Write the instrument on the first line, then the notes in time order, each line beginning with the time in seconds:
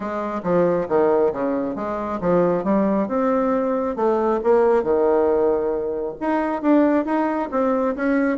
bassoon
0.00 G#3
0.43 F3
0.88 D#3
1.32 C#3
1.75 G#3
2.20 F3
2.64 G3
3.07 C4
3.96 A3
4.43 A#3
4.83 D#3
6.20 D#4
6.62 D4
7.05 D#4
7.51 C4
7.95 C#4